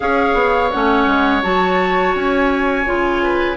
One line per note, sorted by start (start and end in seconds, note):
0.00 0.34 C#4
0.00 0.70 G#4
0.00 3.22 C#5
0.00 0.71 F5
0.34 0.69 B3
0.71 1.06 A3
0.71 1.42 C#4
0.71 1.42 F#5
1.06 1.42 G#3
1.42 2.15 F#3
1.42 2.85 F#4
1.42 2.14 A5
2.14 2.85 C#4
2.14 3.57 G#5
2.85 3.57 C#3
2.85 3.57 F4
3.22 3.57 B4